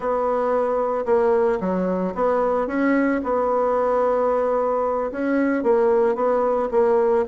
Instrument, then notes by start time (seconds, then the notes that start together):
bassoon
0.00 B3
1.05 A#3
1.60 F#3
2.14 B3
2.67 C#4
3.23 B3
5.11 C#4
5.63 A#3
6.15 B3
6.71 A#3